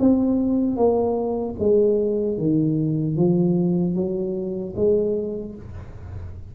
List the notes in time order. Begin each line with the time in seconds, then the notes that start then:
0.00 C4
0.76 A#3
1.60 G#3
2.38 D#3
3.17 F3
3.95 F#3
4.76 G#3